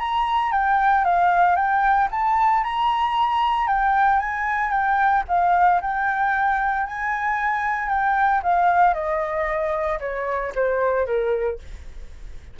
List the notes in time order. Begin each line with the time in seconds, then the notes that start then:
0.00 A#5
0.52 G5
1.05 F5
1.56 G5
2.12 A5
2.64 A#5
3.68 G5
4.20 G#5
4.71 G5
5.29 F5
5.82 G5
6.87 G#5
7.89 G5
8.44 F5
8.94 D#5
10.00 C#5
10.56 C5
11.07 A#4